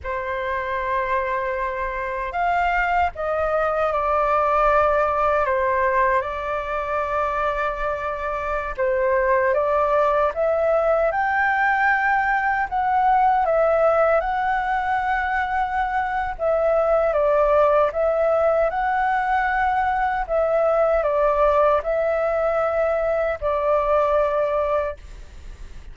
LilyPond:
\new Staff \with { instrumentName = "flute" } { \time 4/4 \tempo 4 = 77 c''2. f''4 | dis''4 d''2 c''4 | d''2.~ d''16 c''8.~ | c''16 d''4 e''4 g''4.~ g''16~ |
g''16 fis''4 e''4 fis''4.~ fis''16~ | fis''4 e''4 d''4 e''4 | fis''2 e''4 d''4 | e''2 d''2 | }